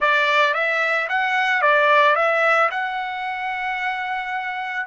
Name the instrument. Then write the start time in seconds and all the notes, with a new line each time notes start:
trumpet
0.00 D5
0.54 E5
1.08 F#5
1.61 D5
2.15 E5
2.71 F#5